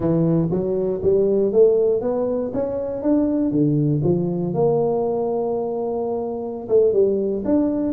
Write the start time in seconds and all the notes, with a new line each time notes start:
0.00 E3
0.50 F#3
1.02 G3
1.52 A3
2.01 B3
2.53 C#4
3.02 D4
3.51 D3
4.03 F3
4.54 A#3
6.68 A3
6.92 G3
7.45 D4